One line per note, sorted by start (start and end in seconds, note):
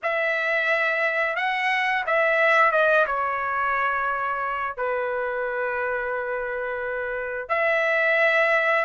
0.02 1.36 E5
1.36 2.04 F#5
2.06 2.71 E5
2.71 3.05 D#5
3.07 4.76 C#5
4.76 7.48 B4
7.48 8.85 E5